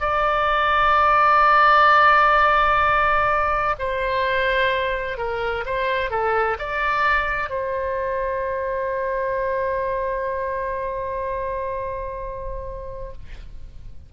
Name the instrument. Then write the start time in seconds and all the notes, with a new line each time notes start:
oboe
0.00 D5
3.79 C5
5.18 A#4
5.65 C5
6.11 A4
6.59 D5
7.50 C5